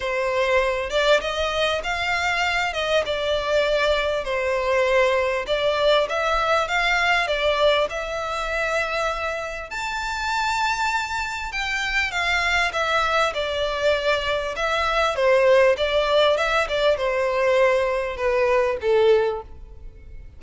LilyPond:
\new Staff \with { instrumentName = "violin" } { \time 4/4 \tempo 4 = 99 c''4. d''8 dis''4 f''4~ | f''8 dis''8 d''2 c''4~ | c''4 d''4 e''4 f''4 | d''4 e''2. |
a''2. g''4 | f''4 e''4 d''2 | e''4 c''4 d''4 e''8 d''8 | c''2 b'4 a'4 | }